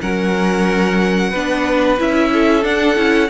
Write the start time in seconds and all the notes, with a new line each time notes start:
0.00 F#3 C#4 A#4 F#5
1.30 B3 D4 B4
1.98 C#4 E4 E5
2.33 A4
2.62 D4 F#5
2.96 C#4 E4